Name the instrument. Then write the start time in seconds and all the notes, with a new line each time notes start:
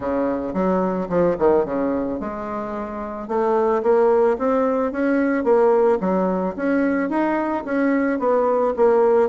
bassoon
0.00 C#3
0.53 F#3
1.09 F3
1.38 D#3
1.65 C#3
2.19 G#3
3.28 A3
3.82 A#3
4.38 C4
4.92 C#4
5.44 A#3
6.00 F#3
6.56 C#4
7.09 D#4
7.64 C#4
8.19 B3
8.76 A#3